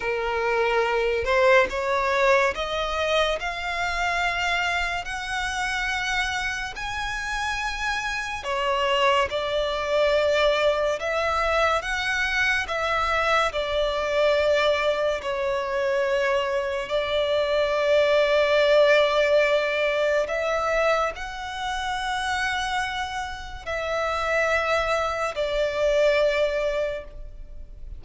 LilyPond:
\new Staff \with { instrumentName = "violin" } { \time 4/4 \tempo 4 = 71 ais'4. c''8 cis''4 dis''4 | f''2 fis''2 | gis''2 cis''4 d''4~ | d''4 e''4 fis''4 e''4 |
d''2 cis''2 | d''1 | e''4 fis''2. | e''2 d''2 | }